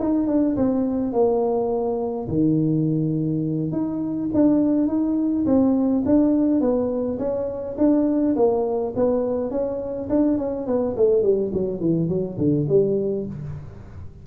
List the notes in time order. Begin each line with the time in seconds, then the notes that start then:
0.00 D#4
0.27 D4
0.57 C4
1.13 A#3
2.28 D#3
3.72 D#4
4.34 D4
4.88 D#4
5.46 C4
6.06 D4
6.61 B3
7.19 C#4
7.78 D4
8.36 A#3
8.96 B3
9.51 C#4
10.10 D4
10.38 C#4
10.67 B3
10.97 A3
11.23 G3
11.54 F#3
11.81 E3
12.09 F#3
12.38 D3
12.69 G3